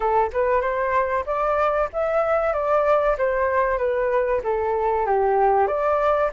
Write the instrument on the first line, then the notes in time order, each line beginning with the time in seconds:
flute
0.00 A4
0.32 B4
0.61 C5
1.26 D5
1.92 E5
2.53 D5
3.18 C5
3.78 B4
4.43 A4
5.06 G4
5.67 D5